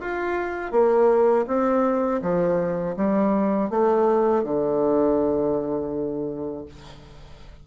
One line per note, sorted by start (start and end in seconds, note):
0.00 0.71 F4
0.71 1.45 A#3
1.46 2.21 C4
2.22 2.96 F3
2.96 3.70 G3
3.70 4.43 A3
4.43 6.65 D3